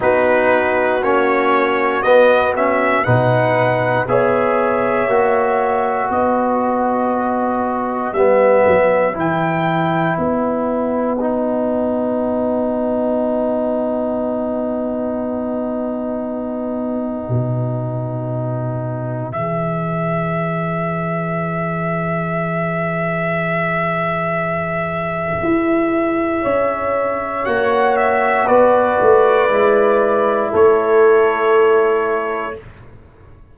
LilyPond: <<
  \new Staff \with { instrumentName = "trumpet" } { \time 4/4 \tempo 4 = 59 b'4 cis''4 dis''8 e''8 fis''4 | e''2 dis''2 | e''4 g''4 fis''2~ | fis''1~ |
fis''2. e''4~ | e''1~ | e''2. fis''8 e''8 | d''2 cis''2 | }
  \new Staff \with { instrumentName = "horn" } { \time 4/4 fis'2. b'4 | cis''2 b'2~ | b'1~ | b'1~ |
b'1~ | b'1~ | b'2 cis''2 | b'2 a'2 | }
  \new Staff \with { instrumentName = "trombone" } { \time 4/4 dis'4 cis'4 b8 cis'8 dis'4 | gis'4 fis'2. | b4 e'2 dis'4~ | dis'1~ |
dis'2. gis'4~ | gis'1~ | gis'2. fis'4~ | fis'4 e'2. | }
  \new Staff \with { instrumentName = "tuba" } { \time 4/4 b4 ais4 b4 b,4 | b4 ais4 b2 | g8 fis8 e4 b2~ | b1~ |
b4 b,2 e4~ | e1~ | e4 e'4 cis'4 ais4 | b8 a8 gis4 a2 | }
>>